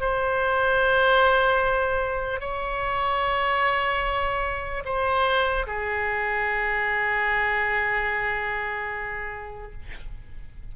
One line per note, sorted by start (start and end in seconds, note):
0.00 2.40 C5
2.40 4.83 C#5
4.85 5.66 C5
5.66 9.72 G#4